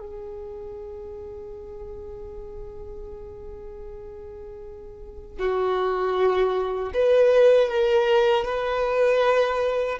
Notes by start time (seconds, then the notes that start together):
0.00 G#4
5.40 F#4
6.94 B4
7.69 A#4
8.45 B4